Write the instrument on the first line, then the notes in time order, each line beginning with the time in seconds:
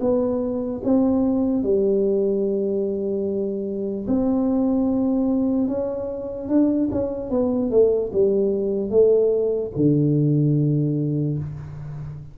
tuba
0.00 B3
0.84 C4
1.63 G3
4.07 C4
5.68 C#4
6.48 D4
6.91 C#4
7.30 B3
7.70 A3
8.12 G3
8.90 A3
9.76 D3